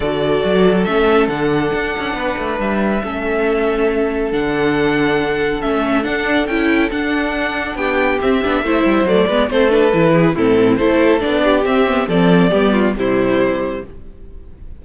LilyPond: <<
  \new Staff \with { instrumentName = "violin" } { \time 4/4 \tempo 4 = 139 d''2 e''4 fis''4~ | fis''2 e''2~ | e''2 fis''2~ | fis''4 e''4 fis''4 g''4 |
fis''2 g''4 e''4~ | e''4 d''4 c''8 b'4. | a'4 c''4 d''4 e''4 | d''2 c''2 | }
  \new Staff \with { instrumentName = "violin" } { \time 4/4 a'1~ | a'4 b'2 a'4~ | a'1~ | a'1~ |
a'2 g'2 | c''4. b'8 a'4. gis'8 | e'4 a'4. g'4. | a'4 g'8 f'8 e'2 | }
  \new Staff \with { instrumentName = "viola" } { \time 4/4 fis'2 cis'4 d'4~ | d'2. cis'4~ | cis'2 d'2~ | d'4 cis'4 d'4 e'4 |
d'2. c'8 d'8 | e'4 a8 b8 c'8 d'8 e'4 | c'4 e'4 d'4 c'8 b8 | c'4 b4 g2 | }
  \new Staff \with { instrumentName = "cello" } { \time 4/4 d4 fis4 a4 d4 | d'8 cis'8 b8 a8 g4 a4~ | a2 d2~ | d4 a4 d'4 cis'4 |
d'2 b4 c'8 b8 | a8 g8 fis8 gis8 a4 e4 | a,4 a4 b4 c'4 | f4 g4 c2 | }
>>